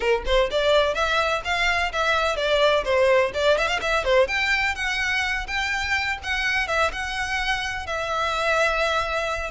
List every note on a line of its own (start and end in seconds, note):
0.00 0.23 A#4
0.26 0.49 C5
0.50 0.94 D5
0.94 1.42 E5
1.44 1.92 F5
1.92 2.36 E5
2.36 2.84 D5
2.84 3.31 C5
3.34 3.58 D5
3.58 3.67 E5
3.67 3.79 F5
3.81 4.04 E5
4.04 4.27 C5
4.27 4.75 G5
4.75 5.46 F#5
5.47 6.18 G5
6.23 6.67 F#5
6.67 6.91 E5
6.92 7.86 F#5
7.86 9.50 E5